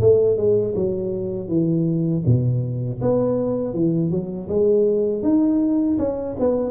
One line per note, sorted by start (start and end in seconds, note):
0.00 0.37 A3
0.37 0.74 G#3
0.75 1.48 F#3
1.48 2.23 E3
2.26 3.01 B2
3.01 3.74 B3
3.74 4.10 E3
4.10 4.48 F#3
4.48 5.23 G#3
5.23 5.98 D#4
5.99 6.36 C#4
6.39 6.71 B3